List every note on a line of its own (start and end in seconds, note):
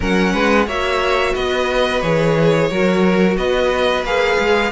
0.00 0.33 F#3
0.00 0.65 C#4
0.00 0.32 A#4
0.00 0.68 F#5
0.32 0.67 G#3
0.32 0.66 B4
0.66 1.34 A#3
0.66 2.02 F#4
0.66 1.33 C#5
0.66 1.34 E5
1.33 2.02 B3
1.33 2.68 B4
1.33 2.01 D#5
2.01 2.70 E3
2.01 2.70 G#4
2.01 3.36 C#5
2.70 3.37 F#3
2.70 4.05 F#4
2.70 3.37 A#4
3.37 4.03 B3
3.37 4.71 B4
3.37 4.04 D#5
4.03 4.37 A#3
4.03 4.71 G#4
4.03 4.71 F5
4.38 4.71 G#3